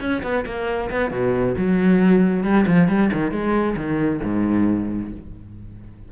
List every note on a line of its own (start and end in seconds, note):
0.00 0.22 C#4
0.23 0.45 B3
0.46 0.90 A#3
0.90 1.11 B3
1.11 1.55 B2
1.57 2.43 F#3
2.43 2.65 G3
2.67 2.88 F3
2.88 3.10 G3
3.13 3.31 D#3
3.31 3.75 G#3
3.76 4.21 D#3
4.23 5.12 G#2